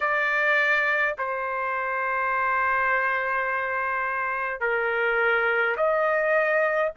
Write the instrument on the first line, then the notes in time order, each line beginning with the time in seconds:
trumpet
0.00 D5
1.17 C5
4.60 A#4
5.76 D#5